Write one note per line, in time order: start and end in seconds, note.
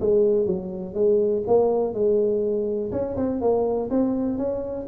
0.00 0.46 G#3
0.46 0.94 F#3
0.94 1.42 G#3
1.47 1.93 A#3
1.93 2.91 G#3
2.91 3.16 C#4
3.16 3.41 C4
3.41 3.89 A#3
3.90 4.37 C4
4.37 4.86 C#4